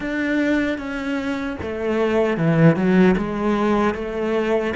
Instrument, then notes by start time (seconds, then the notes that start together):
cello
0.00 D4
0.78 C#4
1.61 A3
2.37 E3
2.76 F#3
3.17 G#3
3.94 A3